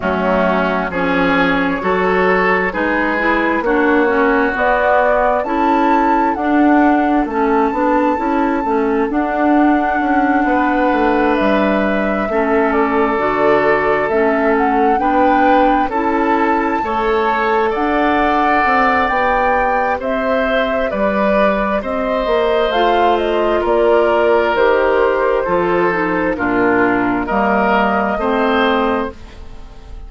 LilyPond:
<<
  \new Staff \with { instrumentName = "flute" } { \time 4/4 \tempo 4 = 66 fis'4 cis''2 b'4 | cis''4 d''4 a''4 fis''4 | a''2 fis''2~ | fis''8 e''4. d''4. e''8 |
fis''8 g''4 a''2 fis''8~ | fis''4 g''4 e''4 d''4 | dis''4 f''8 dis''8 d''4 c''4~ | c''4 ais'4 dis''2 | }
  \new Staff \with { instrumentName = "oboe" } { \time 4/4 cis'4 gis'4 a'4 gis'4 | fis'2 a'2~ | a'2.~ a'8 b'8~ | b'4. a'2~ a'8~ |
a'8 b'4 a'4 cis''4 d''8~ | d''2 c''4 b'4 | c''2 ais'2 | a'4 f'4 ais'4 c''4 | }
  \new Staff \with { instrumentName = "clarinet" } { \time 4/4 a4 cis'4 fis'4 dis'8 e'8 | d'8 cis'8 b4 e'4 d'4 | cis'8 d'8 e'8 cis'8 d'2~ | d'4. cis'4 fis'4 cis'8~ |
cis'8 d'4 e'4 a'4.~ | a'4 g'2.~ | g'4 f'2 g'4 | f'8 dis'8 d'4 ais4 c'4 | }
  \new Staff \with { instrumentName = "bassoon" } { \time 4/4 fis4 f4 fis4 gis4 | ais4 b4 cis'4 d'4 | a8 b8 cis'8 a8 d'4 cis'8 b8 | a8 g4 a4 d4 a8~ |
a8 b4 cis'4 a4 d'8~ | d'8 c'8 b4 c'4 g4 | c'8 ais8 a4 ais4 dis4 | f4 ais,4 g4 a4 | }
>>